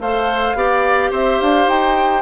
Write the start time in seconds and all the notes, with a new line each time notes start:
0.00 A3 A4 C5 F5
0.54 B3 G4 D5
1.11 C4 C5 E5
1.41 D4 F5
1.67 D#4 G5